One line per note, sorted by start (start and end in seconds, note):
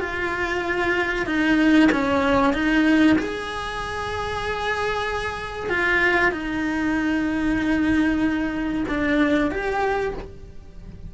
0.00 1.26 F4
1.26 1.89 D#4
1.91 2.53 C#4
2.53 3.16 D#4
3.19 5.69 G#4
5.69 6.32 F4
6.32 8.84 D#4
8.88 9.51 D4
9.51 10.14 G4